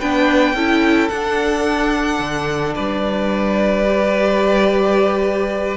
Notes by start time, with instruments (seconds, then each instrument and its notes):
0.00 cello B3, viola D4, violin B4 G5
0.54 cello C#4, viola E4, violin A4
1.09 cello D4, viola D4, violin F#5
2.19 cello D3
2.75 cello G3, violin B4 D5
3.86 viola G4